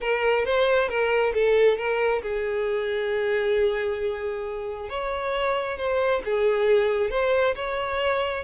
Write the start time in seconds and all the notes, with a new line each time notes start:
0.00 A#4
0.45 C5
0.88 A#4
1.33 A4
1.77 A#4
2.22 G#4
4.89 C#5
5.77 C5
6.24 G#4
7.10 C5
7.55 C#5